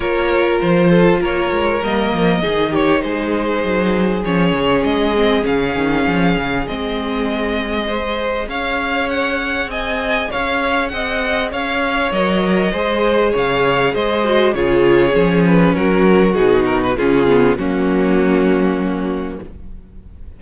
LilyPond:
<<
  \new Staff \with { instrumentName = "violin" } { \time 4/4 \tempo 4 = 99 cis''4 c''4 cis''4 dis''4~ | dis''8 cis''8 c''2 cis''4 | dis''4 f''2 dis''4~ | dis''2 f''4 fis''4 |
gis''4 f''4 fis''4 f''4 | dis''2 f''4 dis''4 | cis''4. b'8 ais'4 gis'8 ais'16 b'16 | gis'4 fis'2. | }
  \new Staff \with { instrumentName = "violin" } { \time 4/4 ais'4. a'8 ais'2 | gis'8 g'8 gis'2.~ | gis'1~ | gis'4 c''4 cis''2 |
dis''4 cis''4 dis''4 cis''4~ | cis''4 c''4 cis''4 c''4 | gis'2 fis'2 | f'4 cis'2. | }
  \new Staff \with { instrumentName = "viola" } { \time 4/4 f'2. ais4 | dis'2. cis'4~ | cis'8 c'8 cis'2 c'4~ | c'4 gis'2.~ |
gis'1 | ais'4 gis'2~ gis'8 fis'8 | f'4 cis'2 dis'4 | cis'8 b8 ais2. | }
  \new Staff \with { instrumentName = "cello" } { \time 4/4 ais4 f4 ais8 gis8 g8 f8 | dis4 gis4 fis4 f8 cis8 | gis4 cis8 dis8 f8 cis8 gis4~ | gis2 cis'2 |
c'4 cis'4 c'4 cis'4 | fis4 gis4 cis4 gis4 | cis4 f4 fis4 b,4 | cis4 fis2. | }
>>